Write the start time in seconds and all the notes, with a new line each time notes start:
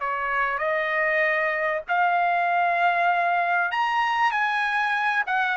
0.00 C#5
0.58 D#5
1.88 F5
3.71 A#5
4.31 G#5
5.27 F#5